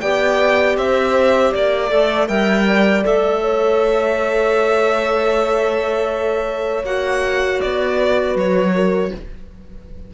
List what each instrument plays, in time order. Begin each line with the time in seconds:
0.00 cello B3, clarinet G4, horn D5, violin G5
0.77 cello C4, horn C5, violin E5
1.51 cello A#3, horn D5, violin D5
1.89 cello A3, clarinet A4
2.27 cello G3, clarinet A#4, horn E5, violin G5
2.67 horn D5
3.03 cello A3, clarinet A4, violin E5
3.41 horn C#5
6.83 cello A#3, clarinet F#4, violin F#5
7.61 cello B3, violin D5
7.97 horn B4
8.35 cello F#3, violin C#5
8.75 horn A#4